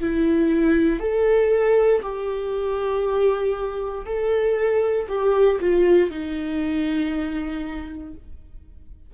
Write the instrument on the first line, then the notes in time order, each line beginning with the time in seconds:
viola
0.00 E4
1.00 A4
2.02 G4
4.06 A4
5.08 G4
5.60 F4
6.11 D#4